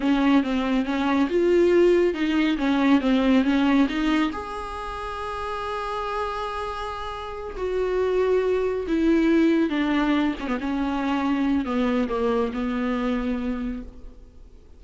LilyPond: \new Staff \with { instrumentName = "viola" } { \time 4/4 \tempo 4 = 139 cis'4 c'4 cis'4 f'4~ | f'4 dis'4 cis'4 c'4 | cis'4 dis'4 gis'2~ | gis'1~ |
gis'4. fis'2~ fis'8~ | fis'8 e'2 d'4. | cis'16 b16 cis'2~ cis'8 b4 | ais4 b2. | }